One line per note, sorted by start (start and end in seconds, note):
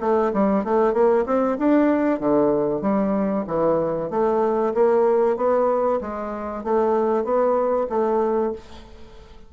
0.00 0.32 A3
0.33 0.64 G3
0.64 0.93 A3
0.93 1.25 A#3
1.26 1.57 C4
1.58 2.20 D4
2.20 2.81 D3
2.81 3.44 G3
3.47 4.10 E3
4.10 4.73 A3
4.74 5.37 A#3
5.37 6.00 B3
6.01 6.64 G#3
6.64 7.24 A3
7.24 7.87 B3
7.89 8.52 A3